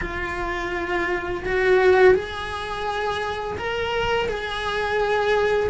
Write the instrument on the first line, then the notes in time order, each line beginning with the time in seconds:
cello
0.01 F4
1.44 F#4
2.14 G#4
3.57 A#4
4.28 G#4